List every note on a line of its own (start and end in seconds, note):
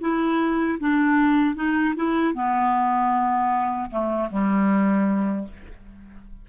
0.00 0.78 E4
0.79 1.55 D4
1.55 1.94 D#4
1.95 2.34 E4
2.34 3.90 B3
3.90 4.29 A3
4.30 5.47 G3